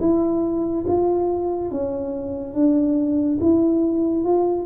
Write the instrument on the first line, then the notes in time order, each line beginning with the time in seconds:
tuba
0.00 E4
0.87 F4
1.71 C#4
2.54 D4
3.40 E4
4.24 F4